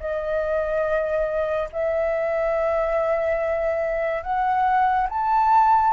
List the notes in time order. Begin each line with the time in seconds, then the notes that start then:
0.00 D#5
1.72 E5
4.23 F#5
5.09 A5